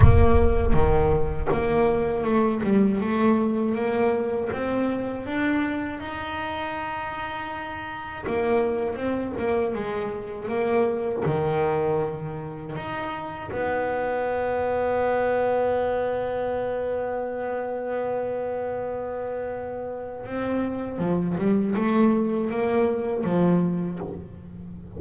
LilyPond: \new Staff \with { instrumentName = "double bass" } { \time 4/4 \tempo 4 = 80 ais4 dis4 ais4 a8 g8 | a4 ais4 c'4 d'4 | dis'2. ais4 | c'8 ais8 gis4 ais4 dis4~ |
dis4 dis'4 b2~ | b1~ | b2. c'4 | f8 g8 a4 ais4 f4 | }